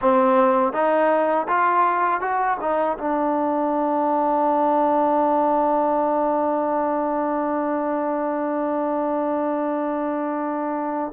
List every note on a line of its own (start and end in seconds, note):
0.01 0.72 C4
0.72 1.46 D#4
1.48 2.20 F4
2.20 2.57 F#4
2.60 2.97 D#4
2.98 11.12 D4